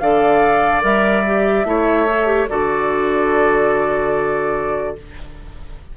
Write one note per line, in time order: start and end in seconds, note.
0.00 0.83 D3
0.00 0.82 A4
0.00 1.67 D5
0.00 0.82 F5
0.82 1.65 G3
0.82 1.23 A#4
0.82 2.49 E5
1.26 1.66 G4
1.65 2.47 A3
1.65 2.07 E4
1.65 2.50 C#5
2.09 2.26 A4
2.26 2.47 G4
2.49 4.97 D3
2.49 4.96 F#4
2.49 4.97 A4
2.49 4.96 D5